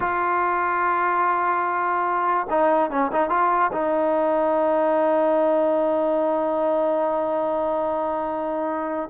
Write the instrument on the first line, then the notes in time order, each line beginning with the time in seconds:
trombone
0.00 F4
2.50 D#4
2.90 C#4
3.12 D#4
3.29 F4
3.72 D#4